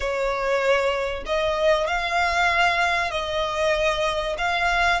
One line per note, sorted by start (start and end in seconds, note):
0.00 1.24 C#5
1.26 1.87 D#5
1.87 3.11 F5
3.11 4.36 D#5
4.38 5.00 F5